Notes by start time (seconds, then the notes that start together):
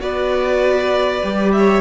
0.00 B3 F#4 B4 D5
1.23 G3 G4
1.52 C#5 E5